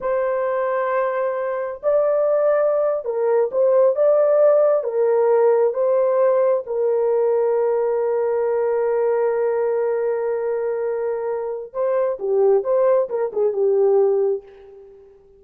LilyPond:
\new Staff \with { instrumentName = "horn" } { \time 4/4 \tempo 4 = 133 c''1 | d''2~ d''8. ais'4 c''16~ | c''8. d''2 ais'4~ ais'16~ | ais'8. c''2 ais'4~ ais'16~ |
ais'1~ | ais'1~ | ais'2 c''4 g'4 | c''4 ais'8 gis'8 g'2 | }